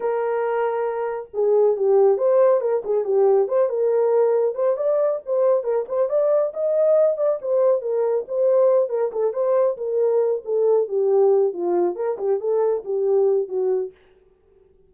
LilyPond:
\new Staff \with { instrumentName = "horn" } { \time 4/4 \tempo 4 = 138 ais'2. gis'4 | g'4 c''4 ais'8 gis'8 g'4 | c''8 ais'2 c''8 d''4 | c''4 ais'8 c''8 d''4 dis''4~ |
dis''8 d''8 c''4 ais'4 c''4~ | c''8 ais'8 a'8 c''4 ais'4. | a'4 g'4. f'4 ais'8 | g'8 a'4 g'4. fis'4 | }